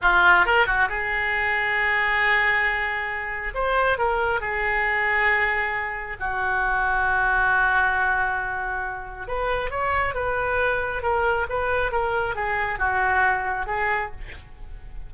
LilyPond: \new Staff \with { instrumentName = "oboe" } { \time 4/4 \tempo 4 = 136 f'4 ais'8 fis'8 gis'2~ | gis'1 | c''4 ais'4 gis'2~ | gis'2 fis'2~ |
fis'1~ | fis'4 b'4 cis''4 b'4~ | b'4 ais'4 b'4 ais'4 | gis'4 fis'2 gis'4 | }